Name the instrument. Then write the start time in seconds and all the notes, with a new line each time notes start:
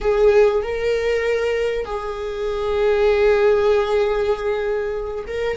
viola
0.00 G#4
0.62 A#4
1.85 G#4
5.27 A#4